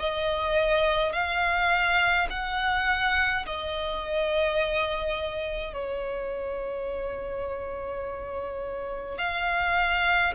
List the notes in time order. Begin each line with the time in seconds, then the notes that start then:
0.00 D#5
1.13 F5
2.30 F#5
3.47 D#5
5.74 C#5
9.18 F5